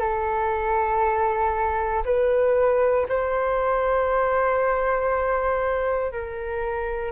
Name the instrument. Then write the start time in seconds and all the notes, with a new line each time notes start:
flute
0.00 A4
2.05 B4
3.09 C5
6.12 A#4